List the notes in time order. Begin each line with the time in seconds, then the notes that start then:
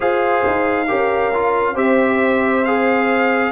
0.00 F4 G#4 C5 F5
0.46 D#4
0.87 C#4 G4 A#4
1.33 F4
1.74 C4 G4 C5 E5
2.64 G#4 F5